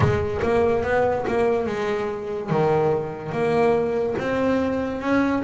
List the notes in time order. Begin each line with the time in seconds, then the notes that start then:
0.00 G#3
0.42 A#3
0.83 B3
1.27 A#3
1.66 G#3
2.50 D#3
3.31 A#3
4.18 C4
5.01 C#4